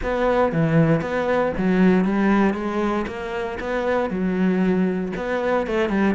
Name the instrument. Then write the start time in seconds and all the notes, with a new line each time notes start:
cello
0.03 B3
0.52 E3
1.01 B3
1.57 F#3
2.04 G3
2.54 G#3
3.07 A#3
3.60 B3
4.10 F#3
5.16 B3
5.66 A3
5.89 G3